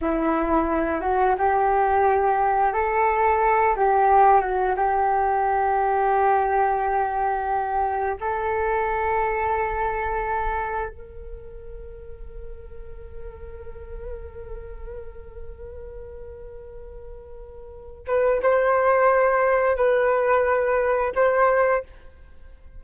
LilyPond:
\new Staff \with { instrumentName = "flute" } { \time 4/4 \tempo 4 = 88 e'4. fis'8 g'2 | a'4. g'4 fis'8 g'4~ | g'1 | a'1 |
ais'1~ | ais'1~ | ais'2~ ais'8 b'8 c''4~ | c''4 b'2 c''4 | }